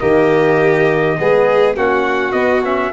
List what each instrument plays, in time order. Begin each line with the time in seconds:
0.00 tuba D#3, trombone A#3, violin G4, trumpet D#5
1.20 tuba G#3, trombone B3, violin G#4
1.76 tuba A#3, trombone C#4, violin F#4, trumpet F#5
2.33 trombone B3, tuba B3, trumpet D#5
2.65 trombone C#4, trumpet E5